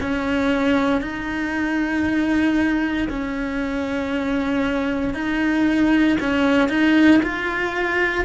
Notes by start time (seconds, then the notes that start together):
0.00 C#4
1.01 D#4
3.08 C#4
5.13 D#4
6.20 C#4
6.69 D#4
7.22 F4